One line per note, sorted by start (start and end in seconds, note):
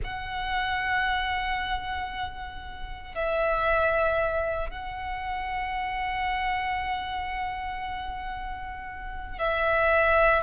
0.04 3.14 F#5
3.14 4.70 E5
4.70 9.38 F#5
9.38 10.43 E5